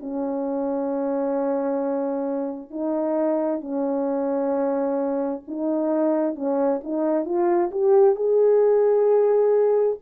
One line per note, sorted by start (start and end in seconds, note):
0.00 2.70 C#4
2.70 3.61 D#4
3.61 5.43 C#4
5.48 6.36 D#4
6.36 6.81 C#4
6.84 7.25 D#4
7.25 7.71 F4
7.71 8.16 G4
8.16 9.98 G#4